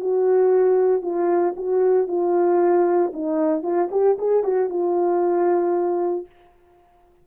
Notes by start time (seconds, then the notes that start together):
0.00 F#4
1.02 F4
1.56 F#4
2.07 F4
3.13 D#4
3.63 F4
3.91 G4
4.18 G#4
4.43 F#4
4.69 F4